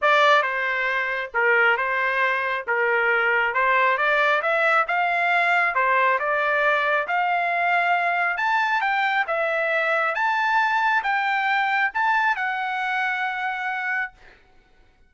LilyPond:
\new Staff \with { instrumentName = "trumpet" } { \time 4/4 \tempo 4 = 136 d''4 c''2 ais'4 | c''2 ais'2 | c''4 d''4 e''4 f''4~ | f''4 c''4 d''2 |
f''2. a''4 | g''4 e''2 a''4~ | a''4 g''2 a''4 | fis''1 | }